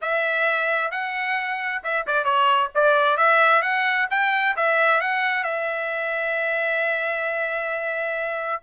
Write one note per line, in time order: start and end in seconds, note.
0.01 0.91 E5
0.91 1.82 F#5
1.83 2.06 E5
2.06 2.24 D5
2.24 2.70 C#5
2.74 3.17 D5
3.17 3.62 E5
3.62 4.07 F#5
4.10 4.56 G5
4.56 5.00 E5
5.00 5.43 F#5
5.43 8.61 E5